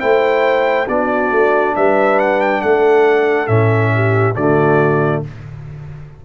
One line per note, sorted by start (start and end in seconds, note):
0.00 0.89 A3
0.00 0.87 E4
0.00 0.87 C5
0.00 0.87 G5
0.88 1.31 B3
0.88 3.47 D4
0.88 1.76 F#4
0.88 1.75 D5
1.31 1.75 A3
1.76 2.63 G3
1.76 2.61 B4
1.76 2.19 E5
2.19 2.41 F#5
2.41 2.61 G5
2.61 3.48 A3
2.61 3.92 A4
2.61 3.47 F#5
3.47 4.35 A2
3.47 4.34 C#4
3.47 4.34 E5
3.94 4.35 G4
4.35 5.23 D3
4.35 5.25 A3
4.35 5.22 F#4
4.35 5.22 D5